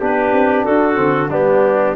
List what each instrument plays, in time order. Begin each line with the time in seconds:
0.00 tuba B3, trombone D4, trumpet G4, clarinet B4
0.32 tuba C4
0.65 tuba D4, trumpet F#4, clarinet A4
0.95 tuba D3, trombone C4
1.30 tuba G3, trombone B3, trumpet D4, clarinet G4